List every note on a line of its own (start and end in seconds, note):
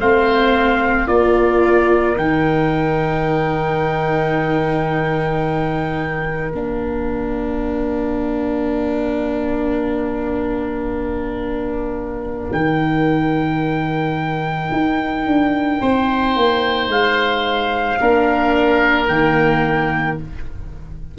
0.00 1.08 A3
0.00 1.08 C4
0.00 1.09 C5
0.00 1.07 F5
1.07 2.17 A#3
1.07 2.16 F4
1.07 15.81 A#4
1.07 2.17 D5
2.16 6.53 D#3
2.16 6.53 D#4
2.16 6.53 G5
6.53 12.53 A#3
6.53 12.54 D4
6.53 12.53 F5
12.53 14.71 D#3
12.53 17.99 D#4
12.53 16.89 G5
14.72 15.26 D#4
15.26 15.81 D4
15.81 16.36 C4
15.81 17.99 C5
16.37 16.89 A#3
16.89 17.98 G#3
16.89 19.08 F5
18.01 19.08 A#3
18.01 19.09 D4
18.01 20.19 A#4
19.08 20.17 D#3
19.08 20.18 A#3
19.08 20.17 G5